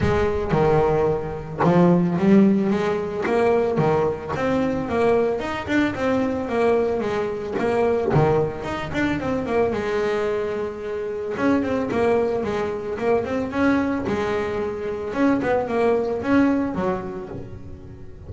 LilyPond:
\new Staff \with { instrumentName = "double bass" } { \time 4/4 \tempo 4 = 111 gis4 dis2 f4 | g4 gis4 ais4 dis4 | c'4 ais4 dis'8 d'8 c'4 | ais4 gis4 ais4 dis4 |
dis'8 d'8 c'8 ais8 gis2~ | gis4 cis'8 c'8 ais4 gis4 | ais8 c'8 cis'4 gis2 | cis'8 b8 ais4 cis'4 fis4 | }